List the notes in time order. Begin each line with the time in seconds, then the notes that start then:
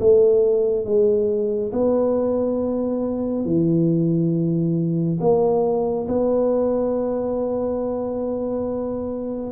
0.00 A3
0.85 G#3
1.72 B3
3.45 E3
5.20 A#3
6.08 B3